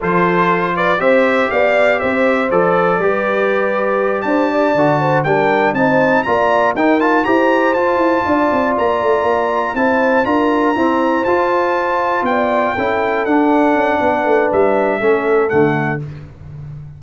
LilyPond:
<<
  \new Staff \with { instrumentName = "trumpet" } { \time 4/4 \tempo 4 = 120 c''4. d''8 e''4 f''4 | e''4 d''2.~ | d''8 a''2 g''4 a''8~ | a''8 ais''4 g''8 a''8 ais''4 a''8~ |
a''4. ais''2 a''8~ | a''8 ais''2 a''4.~ | a''8 g''2 fis''4.~ | fis''4 e''2 fis''4 | }
  \new Staff \with { instrumentName = "horn" } { \time 4/4 a'4. b'8 c''4 d''4 | c''2 b'2~ | b'8 c''8 d''4 c''8 ais'4 c''8~ | c''8 d''4 ais'4 c''4.~ |
c''8 d''2. c''8~ | c''8 ais'4 c''2~ c''8~ | c''8 d''4 a'2~ a'8 | b'2 a'2 | }
  \new Staff \with { instrumentName = "trombone" } { \time 4/4 f'2 g'2~ | g'4 a'4 g'2~ | g'4. fis'4 d'4 dis'8~ | dis'8 f'4 dis'8 f'8 g'4 f'8~ |
f'2.~ f'8 e'8~ | e'8 f'4 c'4 f'4.~ | f'4. e'4 d'4.~ | d'2 cis'4 a4 | }
  \new Staff \with { instrumentName = "tuba" } { \time 4/4 f2 c'4 b4 | c'4 f4 g2~ | g8 d'4 d4 g4 c'8~ | c'8 ais4 dis'4 e'4 f'8 |
e'8 d'8 c'8 ais8 a8 ais4 c'8~ | c'8 d'4 e'4 f'4.~ | f'8 b4 cis'4 d'4 cis'8 | b8 a8 g4 a4 d4 | }
>>